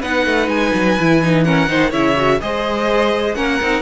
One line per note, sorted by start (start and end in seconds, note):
0.00 0.26 B3
0.00 0.99 D#4
0.00 1.44 B4
0.00 0.48 F#5
0.26 0.48 A3
0.48 0.72 G#3
0.48 1.44 G#5
0.74 0.98 F#3
0.99 1.69 E3
0.99 1.23 E4
1.23 1.45 D#4
1.44 1.67 C#4
1.44 1.69 A#4
1.44 1.92 F#5
1.67 1.93 D#3
1.67 1.91 D#4
1.67 1.90 C5
1.90 2.41 C#3
1.90 2.16 E4
1.90 2.38 C#5
1.90 2.41 E5
2.16 2.40 F#4
2.41 3.36 G#3
2.41 3.35 G#4
2.41 3.36 C5
2.41 3.35 D#5
3.35 3.60 A#3
3.35 3.59 C#4
3.35 3.82 A#4
3.35 3.82 F#5
3.62 3.82 C4
3.62 3.82 D#4